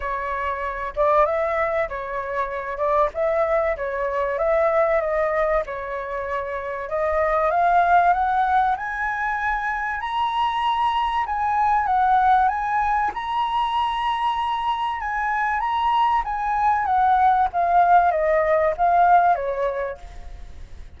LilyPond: \new Staff \with { instrumentName = "flute" } { \time 4/4 \tempo 4 = 96 cis''4. d''8 e''4 cis''4~ | cis''8 d''8 e''4 cis''4 e''4 | dis''4 cis''2 dis''4 | f''4 fis''4 gis''2 |
ais''2 gis''4 fis''4 | gis''4 ais''2. | gis''4 ais''4 gis''4 fis''4 | f''4 dis''4 f''4 cis''4 | }